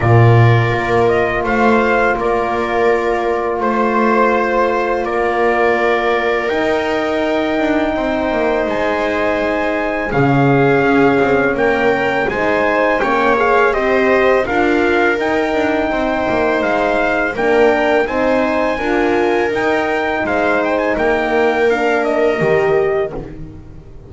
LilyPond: <<
  \new Staff \with { instrumentName = "trumpet" } { \time 4/4 \tempo 4 = 83 d''4. dis''8 f''4 d''4~ | d''4 c''2 d''4~ | d''4 g''2. | gis''2 f''2 |
g''4 gis''4 g''8 f''8 dis''4 | f''4 g''2 f''4 | g''4 gis''2 g''4 | f''8 g''16 gis''16 g''4 f''8 dis''4. | }
  \new Staff \with { instrumentName = "viola" } { \time 4/4 ais'2 c''4 ais'4~ | ais'4 c''2 ais'4~ | ais'2. c''4~ | c''2 gis'2 |
ais'4 c''4 cis''4 c''4 | ais'2 c''2 | ais'4 c''4 ais'2 | c''4 ais'2. | }
  \new Staff \with { instrumentName = "horn" } { \time 4/4 f'1~ | f'1~ | f'4 dis'2.~ | dis'2 cis'2~ |
cis'4 dis'4 cis'8 gis'8 g'4 | f'4 dis'2. | d'4 dis'4 f'4 dis'4~ | dis'2 d'4 g'4 | }
  \new Staff \with { instrumentName = "double bass" } { \time 4/4 ais,4 ais4 a4 ais4~ | ais4 a2 ais4~ | ais4 dis'4. d'8 c'8 ais8 | gis2 cis4 cis'8 c'8 |
ais4 gis4 ais4 c'4 | d'4 dis'8 d'8 c'8 ais8 gis4 | ais4 c'4 d'4 dis'4 | gis4 ais2 dis4 | }
>>